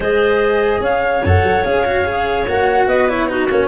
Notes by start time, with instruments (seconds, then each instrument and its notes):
0.00 tuba G#3, cello G#4, clarinet C5, flute D#5
0.80 tuba C#4, clarinet C#5, flute F5
1.23 tuba F#2, cello A4, flute F#5
1.43 tuba F#3
1.64 tuba C#4, cello G#4, flute F5
1.85 cello F#4
2.05 cello G#4
2.47 tuba A#3, cello F#4, flute F#5
2.86 tuba B3, clarinet B4, flute D#5
3.08 cello E4, flute C#5
3.28 cello D#4, clarinet F#4, flute B4
3.50 tuba A#3, cello C#4, flute C#5